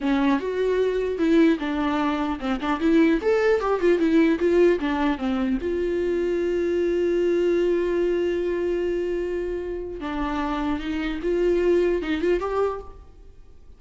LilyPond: \new Staff \with { instrumentName = "viola" } { \time 4/4 \tempo 4 = 150 cis'4 fis'2 e'4 | d'2 c'8 d'8 e'4 | a'4 g'8 f'8 e'4 f'4 | d'4 c'4 f'2~ |
f'1~ | f'1~ | f'4 d'2 dis'4 | f'2 dis'8 f'8 g'4 | }